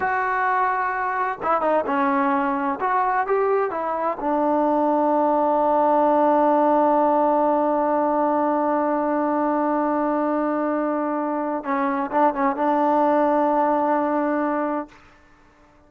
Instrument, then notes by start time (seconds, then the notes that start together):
trombone
0.00 F#4
1.42 E4
1.61 D#4
1.86 C#4
2.80 F#4
3.26 G4
3.71 E4
4.20 D4
11.63 C#4
12.11 D4
12.34 C#4
12.56 D4